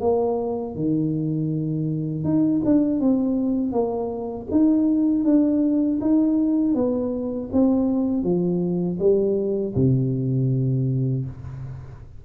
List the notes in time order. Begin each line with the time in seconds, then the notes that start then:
0.00 A#3
0.75 D#3
2.24 D#4
2.65 D4
3.00 C4
3.72 A#3
4.51 D#4
5.24 D4
6.01 D#4
6.74 B3
7.52 C4
8.23 F3
8.99 G3
9.75 C3